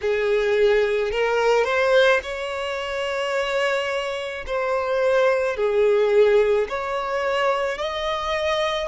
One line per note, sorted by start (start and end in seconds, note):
0.01 1.11 G#4
1.11 1.64 A#4
1.64 2.19 C5
2.22 4.44 C#5
4.46 5.56 C5
5.56 6.67 G#4
6.69 7.78 C#5
7.78 8.88 D#5